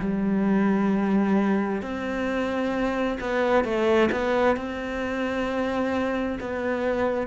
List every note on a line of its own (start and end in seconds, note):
0.00 1.82 G3
1.82 3.18 C4
3.20 3.64 B3
3.64 4.10 A3
4.11 4.56 B3
4.56 6.38 C4
6.40 7.27 B3